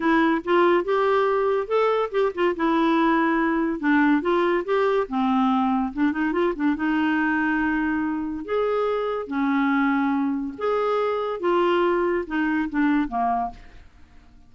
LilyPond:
\new Staff \with { instrumentName = "clarinet" } { \time 4/4 \tempo 4 = 142 e'4 f'4 g'2 | a'4 g'8 f'8 e'2~ | e'4 d'4 f'4 g'4 | c'2 d'8 dis'8 f'8 d'8 |
dis'1 | gis'2 cis'2~ | cis'4 gis'2 f'4~ | f'4 dis'4 d'4 ais4 | }